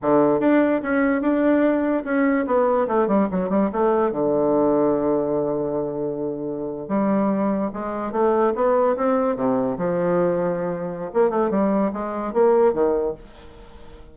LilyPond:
\new Staff \with { instrumentName = "bassoon" } { \time 4/4 \tempo 4 = 146 d4 d'4 cis'4 d'4~ | d'4 cis'4 b4 a8 g8 | fis8 g8 a4 d2~ | d1~ |
d8. g2 gis4 a16~ | a8. b4 c'4 c4 f16~ | f2. ais8 a8 | g4 gis4 ais4 dis4 | }